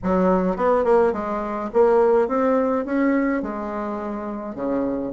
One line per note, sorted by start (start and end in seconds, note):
0.03 0.56 F#3
0.56 0.84 B3
0.84 1.12 A#3
1.12 1.70 G#3
1.73 2.28 A#3
2.28 2.85 C4
2.85 3.42 C#4
3.42 4.55 G#3
4.55 5.12 C#3